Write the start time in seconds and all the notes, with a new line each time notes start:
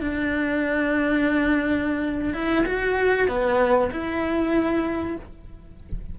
0.00 D4
2.33 E4
2.66 F#4
3.28 B3
3.91 E4